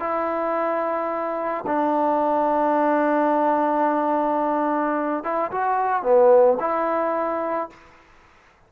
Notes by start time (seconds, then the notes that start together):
0.00 E4
1.67 D4
5.24 E4
5.52 F#4
6.03 B3
6.60 E4